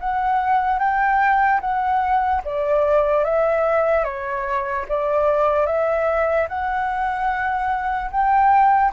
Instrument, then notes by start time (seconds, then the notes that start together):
flute
0.00 F#5
0.79 G5
1.61 F#5
2.45 D5
3.24 E5
4.04 C#5
4.89 D5
5.66 E5
6.49 F#5
8.11 G5